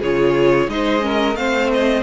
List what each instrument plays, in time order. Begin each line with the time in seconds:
0.00 cello C#3, viola F4, violin G#4 C#5
0.68 cello G#3, viola D#4, violin C5 D#5
1.00 viola C#4, violin A#4
1.35 cello A3, viola C4, violin C5 F5
1.73 violin D#5